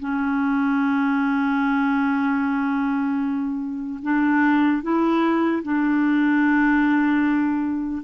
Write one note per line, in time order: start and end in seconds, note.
0.00 4.00 C#4
4.03 4.83 D4
4.83 5.63 E4
5.63 8.03 D4